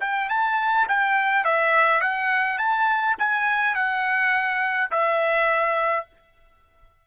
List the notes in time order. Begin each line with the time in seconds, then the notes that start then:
0.00 G5
0.29 A5
0.88 G5
1.44 E5
2.01 F#5
2.58 A5
3.18 G#5
3.75 F#5
4.91 E5